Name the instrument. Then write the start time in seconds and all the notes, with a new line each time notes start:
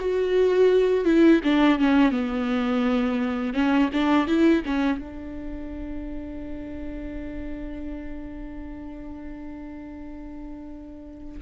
viola
0.00 F#4
1.05 E4
1.44 D4
1.79 C#4
2.12 B3
3.54 C#4
3.94 D4
4.28 E4
4.66 C#4
4.99 D4